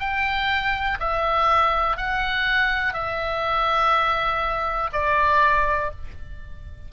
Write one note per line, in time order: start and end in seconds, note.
0.00 0.98 G5
1.00 1.97 E5
1.97 2.93 F#5
2.93 4.90 E5
4.93 5.91 D5